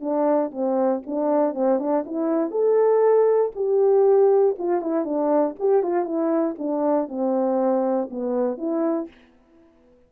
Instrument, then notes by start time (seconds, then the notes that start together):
horn
0.00 D4
0.51 C4
1.06 D4
1.54 C4
1.79 D4
2.06 E4
2.51 A4
3.55 G4
4.58 F4
4.81 E4
5.04 D4
5.59 G4
5.83 F4
6.05 E4
6.58 D4
7.08 C4
8.10 B3
8.58 E4